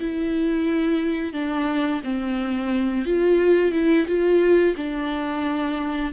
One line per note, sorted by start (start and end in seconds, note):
0.00 1.34 E4
1.34 2.02 D4
2.04 3.05 C4
3.05 3.72 F4
3.72 4.06 E4
4.07 4.75 F4
4.77 6.13 D4